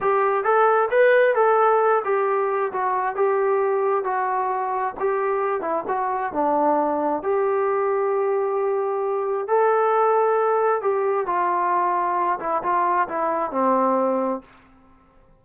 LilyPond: \new Staff \with { instrumentName = "trombone" } { \time 4/4 \tempo 4 = 133 g'4 a'4 b'4 a'4~ | a'8 g'4. fis'4 g'4~ | g'4 fis'2 g'4~ | g'8 e'8 fis'4 d'2 |
g'1~ | g'4 a'2. | g'4 f'2~ f'8 e'8 | f'4 e'4 c'2 | }